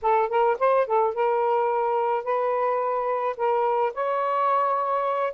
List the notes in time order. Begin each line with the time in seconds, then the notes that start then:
0.02 A4
0.29 A#4
0.59 C5
0.87 A4
1.14 A#4
2.24 B4
3.36 A#4
3.94 C#5